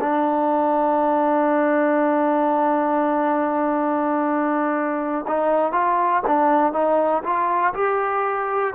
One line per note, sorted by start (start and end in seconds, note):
0.00 5.25 D4
5.27 5.72 D#4
5.72 6.22 F4
6.27 6.72 D4
6.72 7.22 D#4
7.23 7.73 F4
7.74 8.74 G4